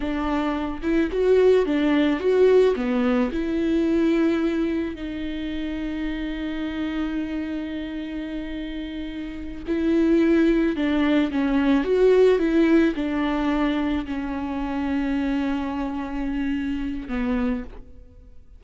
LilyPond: \new Staff \with { instrumentName = "viola" } { \time 4/4 \tempo 4 = 109 d'4. e'8 fis'4 d'4 | fis'4 b4 e'2~ | e'4 dis'2.~ | dis'1~ |
dis'4. e'2 d'8~ | d'8 cis'4 fis'4 e'4 d'8~ | d'4. cis'2~ cis'8~ | cis'2. b4 | }